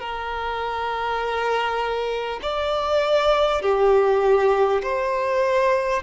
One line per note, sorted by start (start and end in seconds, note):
0.00 2.40 A#4
2.43 3.62 D5
3.62 4.82 G4
4.83 6.03 C5